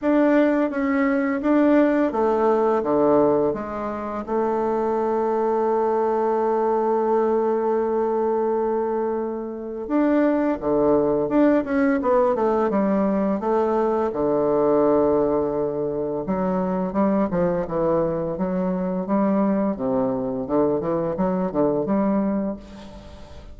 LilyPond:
\new Staff \with { instrumentName = "bassoon" } { \time 4/4 \tempo 4 = 85 d'4 cis'4 d'4 a4 | d4 gis4 a2~ | a1~ | a2 d'4 d4 |
d'8 cis'8 b8 a8 g4 a4 | d2. fis4 | g8 f8 e4 fis4 g4 | c4 d8 e8 fis8 d8 g4 | }